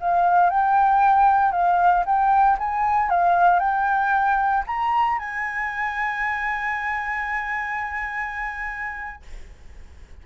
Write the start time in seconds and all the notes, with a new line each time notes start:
0.00 F5
0.50 G5
1.52 F5
2.05 G5
2.58 G#5
3.10 F5
3.59 G5
4.66 A#5
5.18 G#5